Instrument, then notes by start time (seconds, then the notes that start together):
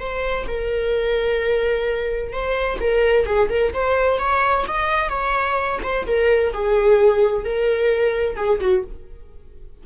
viola
0.00 C5
0.47 A#4
2.32 C5
2.81 A#4
3.26 G#4
3.49 A#4
3.73 C5
4.19 C#5
4.68 D#5
5.09 C#5
5.83 C5
6.07 A#4
6.53 G#4
7.44 A#4
8.36 G#4
8.60 F#4